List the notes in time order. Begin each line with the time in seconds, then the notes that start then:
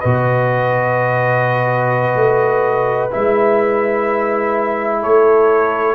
0.00 B2 F#4 B4 D#5
2.15 A3
3.11 G#3 E4 E5
5.02 A3 A4 C#5